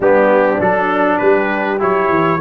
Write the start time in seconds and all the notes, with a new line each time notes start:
0.00 G3 B3 D4 G4
0.59 F#3 D4 A4
1.18 G3 G4 B4
1.79 F#3 E4 C#5
2.09 E3